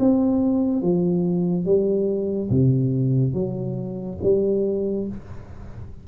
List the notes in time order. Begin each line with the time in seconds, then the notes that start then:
0.00 C4
0.82 F3
1.65 G3
2.50 C3
3.33 F#3
4.23 G3